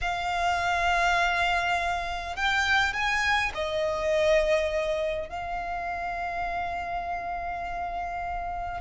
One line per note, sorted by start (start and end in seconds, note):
0.01 2.36 F5
2.36 2.93 G5
2.93 3.51 G#5
3.54 5.29 D#5
5.29 8.80 F5